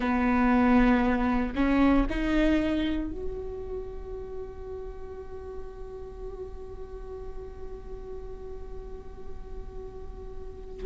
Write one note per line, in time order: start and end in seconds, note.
0.00 1.53 B3
1.55 2.06 C#4
2.09 3.11 D#4
3.11 10.85 F#4